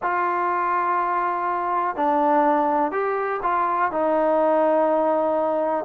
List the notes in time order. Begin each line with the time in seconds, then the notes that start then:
0.02 F4
1.95 D4
2.91 G4
3.43 F4
3.91 D#4